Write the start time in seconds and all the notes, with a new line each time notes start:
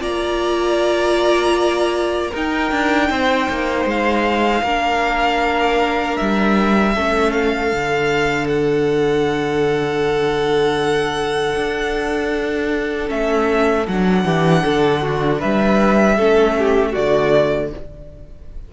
0.00 A#3 F4 D5 A#5
2.31 D#4 A#4 G5
2.71 D4
3.10 C4 C5
3.49 A#3
3.85 G#3 F5
4.62 A#3 D4 A#4
6.17 G3 E5
6.95 A3 C#4 A4
7.32 F5
7.71 D3 D4
8.48 F#5
11.55 D4
13.07 A3 C#4 E5
13.87 F#3 D4 F#5
14.24 E3 G4
14.63 D3 A4
15.02 F#4
15.38 G3 B4 E5
16.16 A3 C#4 A4
16.58 G4
16.92 D3 A3 F#4 D5